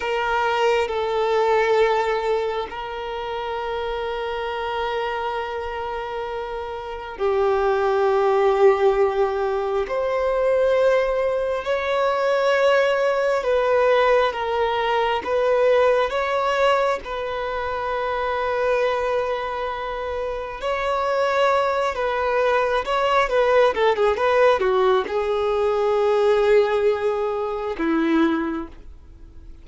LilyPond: \new Staff \with { instrumentName = "violin" } { \time 4/4 \tempo 4 = 67 ais'4 a'2 ais'4~ | ais'1 | g'2. c''4~ | c''4 cis''2 b'4 |
ais'4 b'4 cis''4 b'4~ | b'2. cis''4~ | cis''8 b'4 cis''8 b'8 a'16 gis'16 b'8 fis'8 | gis'2. e'4 | }